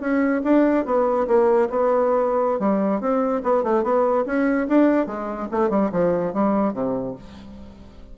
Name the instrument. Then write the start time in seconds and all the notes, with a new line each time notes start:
bassoon
0.00 C#4
0.44 D4
0.85 B3
1.27 A#3
1.70 B3
2.59 G3
3.00 C4
3.43 B3
3.63 A3
3.83 B3
4.26 C#4
4.68 D4
5.06 G#3
5.51 A3
5.70 G3
5.92 F3
6.33 G3
6.73 C3